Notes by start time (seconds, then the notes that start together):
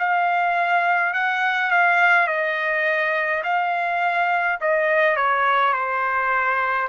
0.00 F5
1.14 F#5
1.72 F5
2.28 D#5
3.44 F5
4.62 D#5
5.17 C#5
5.74 C5